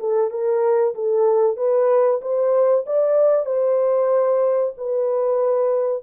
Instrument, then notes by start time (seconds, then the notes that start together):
horn
0.00 A4
0.31 A#4
0.95 A4
1.57 B4
2.22 C5
2.87 D5
3.46 C5
4.78 B4